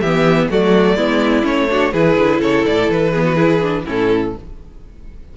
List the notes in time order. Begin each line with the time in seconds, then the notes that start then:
0.00 E3 B3 G4 E5
0.50 F#3 A3 F#4 D5
0.95 G#3 B3 E4
1.43 A3 C#4 C#5
1.70 D4 F#4
1.92 E3 E4 G#4 B4
2.18 D3
2.40 C#3 A4 C#5
2.66 A2 D5
2.89 E3 B4
3.12 B3 G#4
3.24 F#4
3.35 E4 G#4
3.61 D4
3.85 A2 C#4 E4 A4